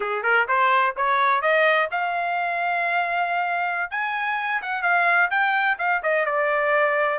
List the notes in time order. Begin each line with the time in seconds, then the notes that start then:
0.00 G#4
0.22 A#4
0.47 C5
0.96 C#5
1.41 D#5
1.91 F5
3.90 G#5
4.62 F#5
4.82 F5
5.30 G5
5.78 F5
6.02 D#5
6.25 D5